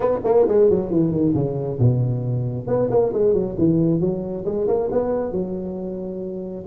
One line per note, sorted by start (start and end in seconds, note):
0.00 0.19 B3
0.24 0.46 A#3
0.47 0.69 G#3
0.69 0.90 F#3
0.90 1.11 E3
1.11 1.33 D#3
1.34 1.78 C#3
1.79 2.67 B2
2.67 2.89 B3
2.90 3.12 A#3
3.13 3.33 G#3
3.33 3.55 F#3
3.58 4.00 E3
4.00 4.44 F#3
4.45 4.67 G#3
4.67 4.89 A#3
4.91 5.32 B3
5.32 6.65 F#3